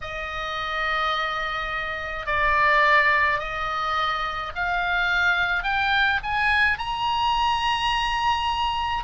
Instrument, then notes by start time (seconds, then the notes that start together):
oboe
0.01 D#5
2.26 D5
3.39 D#5
4.55 F5
5.63 G5
6.23 G#5
6.78 A#5